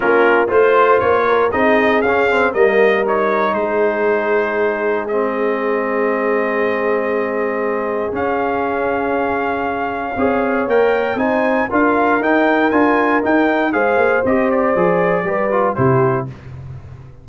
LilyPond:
<<
  \new Staff \with { instrumentName = "trumpet" } { \time 4/4 \tempo 4 = 118 ais'4 c''4 cis''4 dis''4 | f''4 dis''4 cis''4 c''4~ | c''2 dis''2~ | dis''1 |
f''1~ | f''4 g''4 gis''4 f''4 | g''4 gis''4 g''4 f''4 | dis''8 d''2~ d''8 c''4 | }
  \new Staff \with { instrumentName = "horn" } { \time 4/4 f'4 c''4. ais'8 gis'4~ | gis'4 ais'2 gis'4~ | gis'1~ | gis'1~ |
gis'1 | cis''2 c''4 ais'4~ | ais'2. c''4~ | c''2 b'4 g'4 | }
  \new Staff \with { instrumentName = "trombone" } { \time 4/4 cis'4 f'2 dis'4 | cis'8 c'8 ais4 dis'2~ | dis'2 c'2~ | c'1 |
cis'1 | gis'4 ais'4 dis'4 f'4 | dis'4 f'4 dis'4 gis'4 | g'4 gis'4 g'8 f'8 e'4 | }
  \new Staff \with { instrumentName = "tuba" } { \time 4/4 ais4 a4 ais4 c'4 | cis'4 g2 gis4~ | gis1~ | gis1 |
cis'1 | c'4 ais4 c'4 d'4 | dis'4 d'4 dis'4 gis8 ais8 | c'4 f4 g4 c4 | }
>>